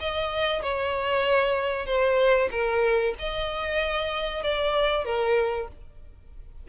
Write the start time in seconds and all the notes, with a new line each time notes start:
0.00 D#5
0.62 C#5
1.86 C5
2.51 A#4
3.19 D#5
4.43 D5
5.05 A#4